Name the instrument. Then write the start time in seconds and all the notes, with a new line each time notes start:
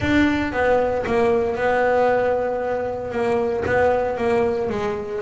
double bass
0.00 D4
0.52 B3
1.06 A#3
1.55 B3
3.11 A#3
3.65 B3
4.17 A#3
4.69 G#3